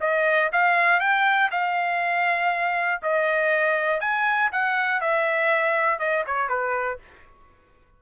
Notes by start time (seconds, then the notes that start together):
0.00 D#5
0.52 F5
1.00 G5
1.51 F5
3.02 D#5
4.00 G#5
4.52 F#5
5.00 E5
5.99 D#5
6.26 C#5
6.49 B4